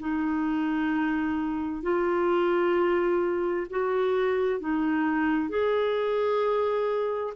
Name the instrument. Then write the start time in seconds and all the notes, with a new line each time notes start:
clarinet
0.00 D#4
1.83 F4
3.70 F#4
4.60 D#4
5.49 G#4